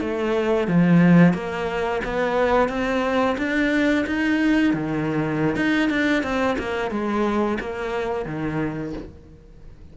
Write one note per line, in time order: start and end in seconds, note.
0.00 0.67 A3
0.67 1.33 F3
1.33 2.01 A#3
2.04 2.68 B3
2.68 3.36 C4
3.37 4.04 D4
4.06 4.73 D#4
4.73 5.56 D#3
5.56 5.89 D#4
5.89 6.23 D4
6.23 6.56 C4
6.58 6.90 A#3
6.90 7.58 G#3
7.60 8.25 A#3
8.25 8.93 D#3